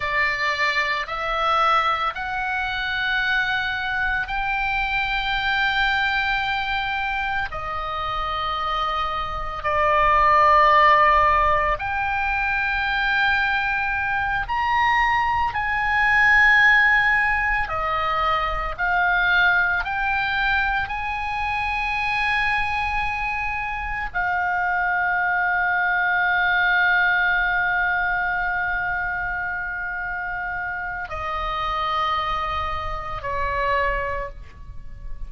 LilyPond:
\new Staff \with { instrumentName = "oboe" } { \time 4/4 \tempo 4 = 56 d''4 e''4 fis''2 | g''2. dis''4~ | dis''4 d''2 g''4~ | g''4. ais''4 gis''4.~ |
gis''8 dis''4 f''4 g''4 gis''8~ | gis''2~ gis''8 f''4.~ | f''1~ | f''4 dis''2 cis''4 | }